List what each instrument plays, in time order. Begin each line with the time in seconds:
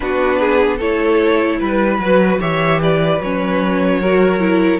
0.00 cello B3, viola D4, violin F#4 B4
0.39 violin G#4
0.77 cello A3, viola E4, violin A4 C#5
1.59 cello G3, violin B4
1.98 cello F#3, viola F#4
2.39 cello E3, viola G4, violin C#5 E5
2.81 violin B4 D5
3.20 cello F#3, viola C#4, violin C#5
4.00 viola F#4, violin A#4
4.39 viola E4